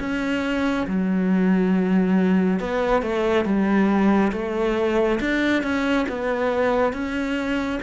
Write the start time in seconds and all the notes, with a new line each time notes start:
0.00 C#4
0.87 F#3
2.60 B3
3.02 A3
3.45 G3
4.33 A3
5.21 D4
5.63 C#4
6.09 B3
6.93 C#4